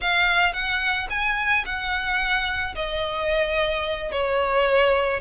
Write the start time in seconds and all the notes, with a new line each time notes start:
0.01 F5
0.53 F#5
1.10 G#5
1.65 F#5
2.75 D#5
4.11 C#5